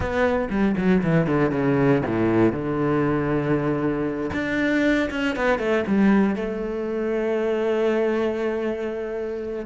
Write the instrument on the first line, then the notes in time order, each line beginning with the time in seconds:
cello
0.00 B3
0.49 G3
0.77 F#3
1.03 E3
1.26 D3
1.51 C#3
2.05 A2
2.52 D3
4.33 D4
5.10 C#4
5.36 B3
5.58 A3
5.87 G3
6.35 A3